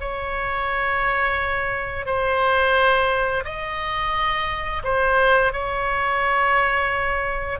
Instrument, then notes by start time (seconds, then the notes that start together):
oboe
0.00 C#5
2.06 C5
3.45 D#5
4.84 C5
5.53 C#5